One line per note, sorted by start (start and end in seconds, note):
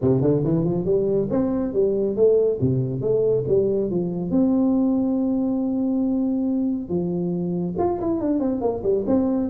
0.01 0.21 C3
0.21 0.42 D3
0.43 0.64 E3
0.64 0.85 F3
0.85 1.28 G3
1.30 1.73 C4
1.73 2.15 G3
2.15 2.59 A3
2.61 3.01 C3
3.01 3.44 A3
3.48 3.90 G3
3.90 4.30 F3
4.30 6.88 C4
6.88 7.75 F3
7.78 8.00 F4
8.00 8.20 E4
8.20 8.39 D4
8.39 8.61 C4
8.61 8.82 A#3
8.83 9.05 G3
9.06 9.49 C4